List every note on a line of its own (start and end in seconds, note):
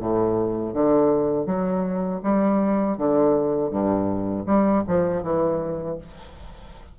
0.00 0.74 A2
0.74 1.46 D3
1.46 2.21 F#3
2.23 2.98 G3
2.98 3.71 D3
3.71 4.46 G2
4.46 4.84 G3
4.88 5.23 F3
5.23 5.98 E3